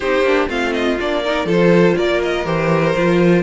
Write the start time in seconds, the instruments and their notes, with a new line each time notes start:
0.00 cello C4, viola D#4, violin G4 C5
0.21 cello A#3, viola D4
0.48 cello A3, viola C4, violin F4 F5
0.73 violin D#5
1.00 cello A#3, viola D4, violin D5
1.24 viola D#4, violin A#4
1.45 cello F3, viola F4, violin A4
1.51 violin C5
1.97 cello A#3, violin A#4 D5
2.22 violin D#5
2.44 cello E3, viola G4, violin C5
2.96 cello F3, viola F4